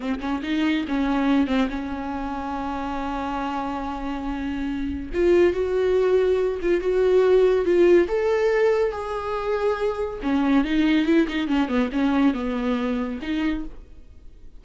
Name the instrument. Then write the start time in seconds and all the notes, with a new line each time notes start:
viola
0.00 C4
0.20 C#4
0.43 D#4
0.87 C#4
1.47 C4
1.69 C#4
5.13 F4
5.53 F#4
6.62 F4
6.80 F#4
7.65 F4
8.07 A4
8.91 G#4
10.22 C#4
10.64 D#4
11.06 E4
11.28 D#4
11.47 C#4
11.68 B3
11.92 C#4
12.34 B3
13.22 D#4